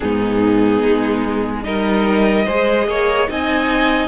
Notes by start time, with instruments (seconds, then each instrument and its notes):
0.00 cello G#2, viola B3, violin D#4 G#4
0.83 cello G#3
1.63 cello G3, viola D#4, violin A#4 D#5
2.45 cello G#3, viola G#4, violin C5
2.87 cello A#3, violin C#5
3.28 cello C4, viola D#4, violin D#5 G#5